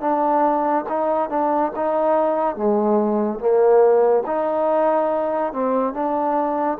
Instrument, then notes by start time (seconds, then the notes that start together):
trombone
0.00 D4
0.89 D#4
1.29 D4
1.75 D#4
2.56 G#3
3.39 A#3
4.26 D#4
5.52 C4
5.93 D4